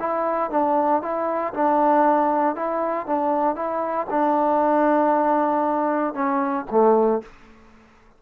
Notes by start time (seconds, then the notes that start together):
0.00 E4
0.51 D4
1.02 E4
1.54 D4
2.56 E4
3.07 D4
3.56 E4
4.10 D4
6.14 C#4
6.71 A3